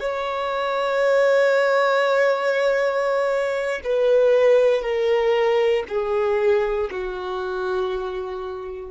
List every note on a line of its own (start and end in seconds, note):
0.00 3.81 C#5
3.84 4.82 B4
4.82 5.83 A#4
5.88 6.90 G#4
6.91 8.90 F#4